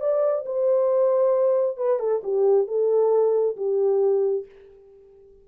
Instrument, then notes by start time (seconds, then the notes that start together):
horn
0.00 D5
0.45 C5
1.77 B4
1.99 A4
2.23 G4
2.67 A4
3.56 G4